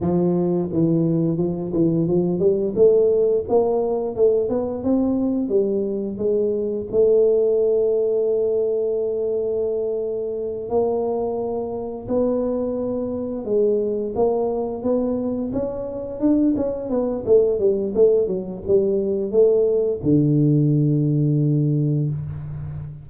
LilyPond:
\new Staff \with { instrumentName = "tuba" } { \time 4/4 \tempo 4 = 87 f4 e4 f8 e8 f8 g8 | a4 ais4 a8 b8 c'4 | g4 gis4 a2~ | a2.~ a8 ais8~ |
ais4. b2 gis8~ | gis8 ais4 b4 cis'4 d'8 | cis'8 b8 a8 g8 a8 fis8 g4 | a4 d2. | }